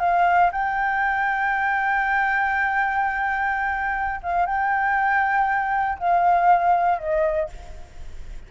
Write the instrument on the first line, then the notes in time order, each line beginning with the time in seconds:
flute
0.00 F5
0.52 G5
4.23 F5
4.46 G5
5.99 F5
6.99 D#5